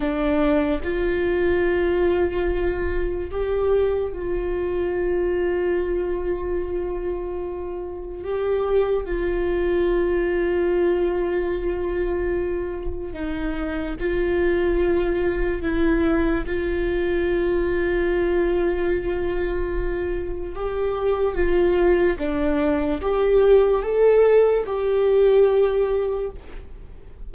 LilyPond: \new Staff \with { instrumentName = "viola" } { \time 4/4 \tempo 4 = 73 d'4 f'2. | g'4 f'2.~ | f'2 g'4 f'4~ | f'1 |
dis'4 f'2 e'4 | f'1~ | f'4 g'4 f'4 d'4 | g'4 a'4 g'2 | }